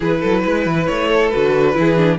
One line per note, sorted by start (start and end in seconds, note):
0.00 0.22 E3
0.00 1.31 E4
0.00 0.19 G#4
0.00 0.86 B4
0.20 0.45 F#3
0.20 0.42 A4
0.43 0.66 G#3
0.43 1.08 B4
0.66 0.87 E3
0.86 1.33 A3
0.86 1.29 C#5
1.08 1.73 A4
1.29 1.76 D3
1.29 1.73 F#4
1.29 2.17 B4
1.73 2.18 E3
1.73 1.95 E4
1.73 2.18 G#4
1.96 2.18 D4